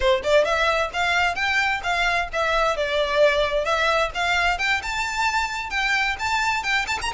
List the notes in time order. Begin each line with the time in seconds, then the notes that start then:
0.00 C5
0.23 D5
0.44 E5
0.93 F5
1.35 G5
1.83 F5
2.32 E5
2.76 D5
3.64 E5
4.14 F5
4.58 G5
4.82 A5
5.70 G5
6.19 A5
6.63 G5
6.87 A5
7.01 A#5